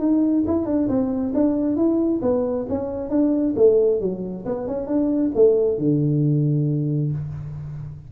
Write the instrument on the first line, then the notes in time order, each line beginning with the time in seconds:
tuba
0.00 D#4
0.47 E4
0.66 D4
0.89 C4
1.35 D4
1.77 E4
2.22 B3
2.69 C#4
3.10 D4
3.57 A3
4.01 F#3
4.46 B3
4.68 C#4
4.87 D4
5.35 A3
5.79 D3